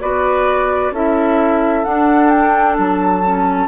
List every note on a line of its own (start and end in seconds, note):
0.00 0.91 B3
0.00 0.92 F#4
0.00 0.93 B4
0.00 0.93 D5
0.91 1.83 C#4
0.91 1.84 E4
0.91 3.67 A4
0.91 1.84 E5
1.84 3.23 D4
1.84 2.78 D4
1.84 2.29 F#5
2.29 2.75 G5
2.78 3.67 F#3
2.78 3.67 A5
3.23 3.67 C#4